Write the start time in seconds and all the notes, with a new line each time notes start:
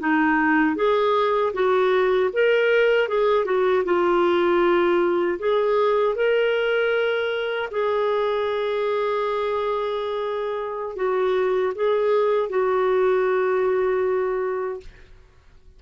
0.00 D#4
0.76 G#4
1.53 F#4
2.33 A#4
3.08 G#4
3.45 F#4
3.85 F4
5.39 G#4
6.16 A#4
7.71 G#4
10.96 F#4
11.75 G#4
12.50 F#4